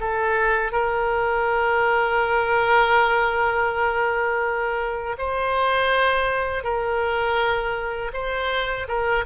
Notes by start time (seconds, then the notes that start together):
0.00 A4
0.72 A#4
5.19 C5
6.64 A#4
8.13 C5
8.88 A#4